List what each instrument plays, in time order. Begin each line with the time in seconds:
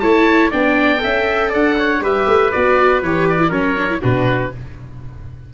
0.00 tuba A3, viola E4, trumpet C#5, oboe A5
0.51 tuba B3, viola D4, trumpet D5, oboe G5
0.99 tuba C#4, viola A4, trumpet E5
1.49 tuba D4, trumpet D5, oboe F#5
1.79 trumpet C#5
2.01 tuba G3, viola G4, trumpet B4, oboe E5
2.27 tuba A3
2.52 tuba B3, viola F#4, oboe D5
3.03 tuba E3, viola G4, oboe C#5
3.30 oboe D5
3.40 viola E4
3.49 tuba F#3, viola C#4, trumpet A#4, oboe C#5
3.78 viola D4
3.90 viola E4
4.01 tuba B2, viola D4, trumpet F#4, oboe B4